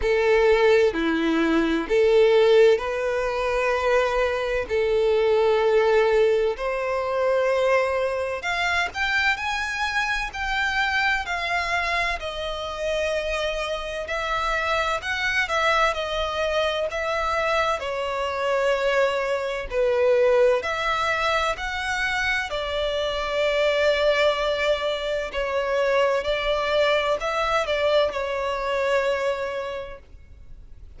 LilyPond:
\new Staff \with { instrumentName = "violin" } { \time 4/4 \tempo 4 = 64 a'4 e'4 a'4 b'4~ | b'4 a'2 c''4~ | c''4 f''8 g''8 gis''4 g''4 | f''4 dis''2 e''4 |
fis''8 e''8 dis''4 e''4 cis''4~ | cis''4 b'4 e''4 fis''4 | d''2. cis''4 | d''4 e''8 d''8 cis''2 | }